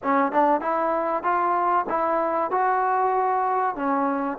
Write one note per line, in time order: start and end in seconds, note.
0.03 0.32 C#4
0.32 0.60 D4
0.60 1.23 E4
1.23 1.85 F4
1.89 2.50 E4
2.50 3.75 F#4
3.75 4.38 C#4